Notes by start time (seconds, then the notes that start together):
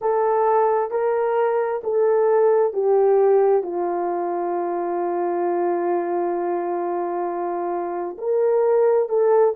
0.01 A4
0.90 A#4
1.83 A4
2.73 G4
3.62 F4
8.17 A#4
9.08 A4